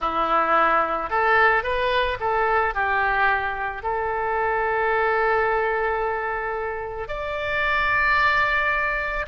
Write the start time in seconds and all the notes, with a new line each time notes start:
0.00 E4
1.10 A4
1.63 B4
2.20 A4
2.74 G4
3.82 A4
7.08 D5